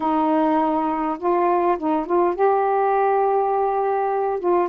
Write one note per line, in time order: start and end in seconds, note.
0.00 1.18 D#4
1.18 1.77 F4
1.78 2.06 D#4
2.06 2.35 F4
2.35 4.39 G4
4.39 4.68 F4